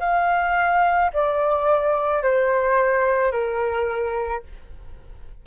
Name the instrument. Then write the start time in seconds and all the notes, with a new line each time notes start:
flute
0.00 F5
1.14 D5
2.23 C5
3.32 A#4